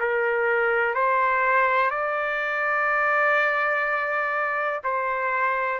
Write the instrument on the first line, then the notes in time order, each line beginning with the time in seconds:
trumpet
0.00 A#4
0.95 C5
1.91 D5
4.84 C5